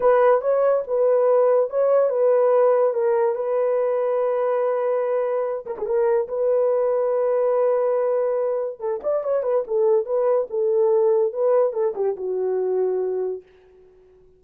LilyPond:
\new Staff \with { instrumentName = "horn" } { \time 4/4 \tempo 4 = 143 b'4 cis''4 b'2 | cis''4 b'2 ais'4 | b'1~ | b'4. ais'16 gis'16 ais'4 b'4~ |
b'1~ | b'4 a'8 d''8 cis''8 b'8 a'4 | b'4 a'2 b'4 | a'8 g'8 fis'2. | }